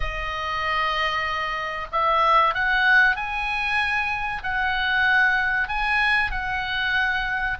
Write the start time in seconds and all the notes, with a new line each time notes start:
0.00 D#5
1.92 E5
2.54 F#5
3.16 G#5
4.43 F#5
5.68 G#5
6.31 F#5